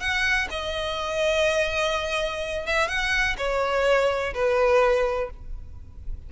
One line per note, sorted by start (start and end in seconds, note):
0.00 0.48 F#5
0.50 2.66 D#5
2.66 2.88 E5
2.88 3.36 F#5
3.37 4.33 C#5
4.34 5.30 B4